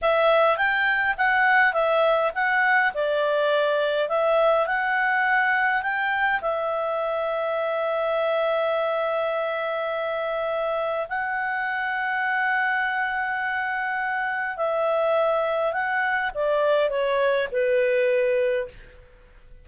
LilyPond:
\new Staff \with { instrumentName = "clarinet" } { \time 4/4 \tempo 4 = 103 e''4 g''4 fis''4 e''4 | fis''4 d''2 e''4 | fis''2 g''4 e''4~ | e''1~ |
e''2. fis''4~ | fis''1~ | fis''4 e''2 fis''4 | d''4 cis''4 b'2 | }